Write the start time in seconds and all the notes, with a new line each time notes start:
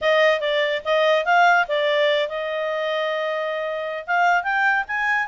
0.01 D#5
0.40 D5
0.85 D#5
1.25 F5
1.68 D5
2.29 D#5
4.06 F5
4.43 G5
4.87 G#5